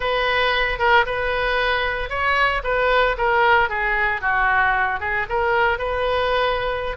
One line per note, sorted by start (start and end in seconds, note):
0.00 0.78 B4
0.78 1.05 A#4
1.06 2.09 B4
2.09 2.62 C#5
2.63 3.16 B4
3.17 3.69 A#4
3.69 4.21 G#4
4.21 5.00 F#4
5.00 5.26 G#4
5.29 5.78 A#4
5.78 6.96 B4